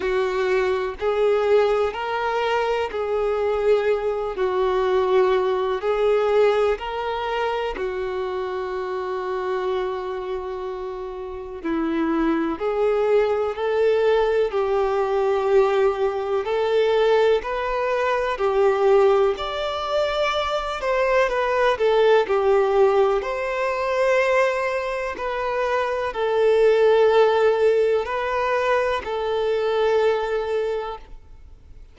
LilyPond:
\new Staff \with { instrumentName = "violin" } { \time 4/4 \tempo 4 = 62 fis'4 gis'4 ais'4 gis'4~ | gis'8 fis'4. gis'4 ais'4 | fis'1 | e'4 gis'4 a'4 g'4~ |
g'4 a'4 b'4 g'4 | d''4. c''8 b'8 a'8 g'4 | c''2 b'4 a'4~ | a'4 b'4 a'2 | }